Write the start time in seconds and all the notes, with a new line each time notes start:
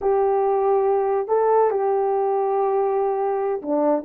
0.01 G4
1.28 A4
1.70 G4
3.62 D4